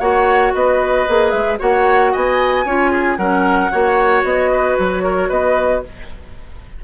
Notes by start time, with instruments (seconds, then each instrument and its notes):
0.00 bassoon A#3, clarinet F#4, oboe C#5, flute F#5
0.54 bassoon B3, oboe B4, flute D#5
1.09 bassoon A#3, clarinet G#4
1.31 bassoon G#3, flute E5
1.59 bassoon A#3, clarinet F#4, oboe C#5, flute F#5
2.12 bassoon B3, oboe D#5, flute G#5
2.65 bassoon C#4, clarinet F4, oboe C#5
2.91 oboe G#4
3.17 bassoon F#3, clarinet C#4, oboe A#4, flute F#5
3.71 bassoon A#3, clarinet F#4, oboe C#5
4.24 bassoon B3, flute D#5
4.51 oboe B4
4.79 bassoon F#3, flute C#5
5.04 oboe A#4
5.29 bassoon B3, oboe B4, flute D#5